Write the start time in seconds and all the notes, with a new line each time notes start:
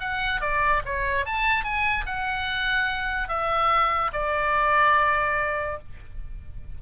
0.00 F#5
0.40 D5
0.85 C#5
1.25 A5
1.64 G#5
2.06 F#5
3.28 E5
4.12 D5